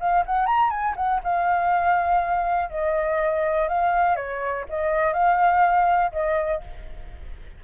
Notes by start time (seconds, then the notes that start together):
0.00 F5
0.26 F#5
0.46 A#5
0.70 G#5
0.96 F#5
1.24 F5
2.70 D#5
3.68 F5
4.16 C#5
4.69 D#5
5.13 F5
6.12 D#5